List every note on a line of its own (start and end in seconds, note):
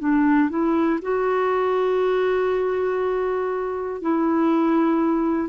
0.00 0.50 D4
0.50 1.00 E4
1.02 4.02 F#4
4.02 5.50 E4